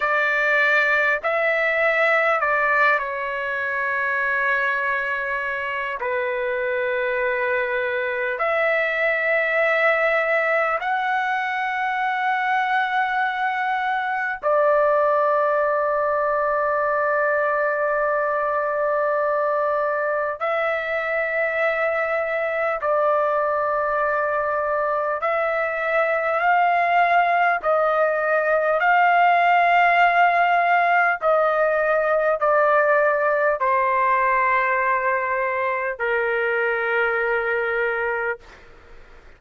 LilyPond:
\new Staff \with { instrumentName = "trumpet" } { \time 4/4 \tempo 4 = 50 d''4 e''4 d''8 cis''4.~ | cis''4 b'2 e''4~ | e''4 fis''2. | d''1~ |
d''4 e''2 d''4~ | d''4 e''4 f''4 dis''4 | f''2 dis''4 d''4 | c''2 ais'2 | }